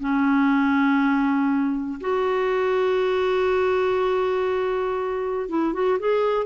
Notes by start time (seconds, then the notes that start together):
0.00 C#4
2.01 F#4
5.49 E4
5.74 F#4
6.00 G#4